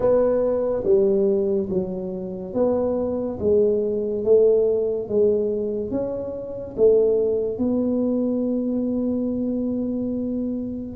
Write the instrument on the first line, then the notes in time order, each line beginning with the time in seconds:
tuba
0.00 B3
0.84 G3
1.69 F#3
2.54 B3
3.39 G#3
4.24 A3
5.08 G#3
5.90 C#4
6.76 A3
7.58 B3